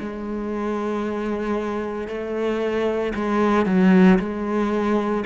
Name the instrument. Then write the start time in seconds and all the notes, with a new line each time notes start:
cello
0.00 G#3
2.08 A3
3.15 G#3
3.66 F#3
4.19 G#3